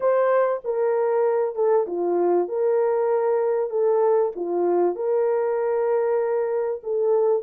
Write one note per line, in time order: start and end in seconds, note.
0.00 0.61 C5
0.64 1.55 A#4
1.55 1.86 A4
1.87 2.48 F4
2.48 3.70 A#4
3.70 4.32 A4
4.35 4.95 F4
4.95 6.81 A#4
6.83 7.42 A4